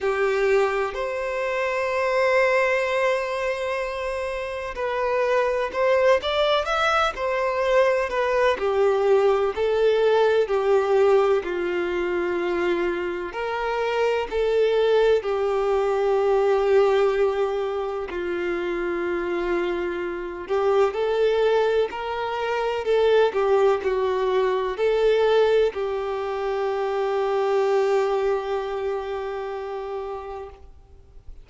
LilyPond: \new Staff \with { instrumentName = "violin" } { \time 4/4 \tempo 4 = 63 g'4 c''2.~ | c''4 b'4 c''8 d''8 e''8 c''8~ | c''8 b'8 g'4 a'4 g'4 | f'2 ais'4 a'4 |
g'2. f'4~ | f'4. g'8 a'4 ais'4 | a'8 g'8 fis'4 a'4 g'4~ | g'1 | }